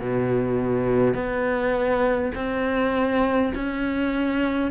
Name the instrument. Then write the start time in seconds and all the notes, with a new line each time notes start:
cello
0.00 B2
1.14 B3
2.35 C4
3.55 C#4